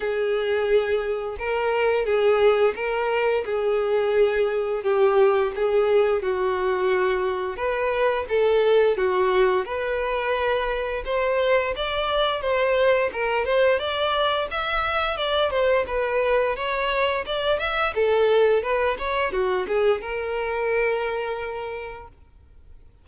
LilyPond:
\new Staff \with { instrumentName = "violin" } { \time 4/4 \tempo 4 = 87 gis'2 ais'4 gis'4 | ais'4 gis'2 g'4 | gis'4 fis'2 b'4 | a'4 fis'4 b'2 |
c''4 d''4 c''4 ais'8 c''8 | d''4 e''4 d''8 c''8 b'4 | cis''4 d''8 e''8 a'4 b'8 cis''8 | fis'8 gis'8 ais'2. | }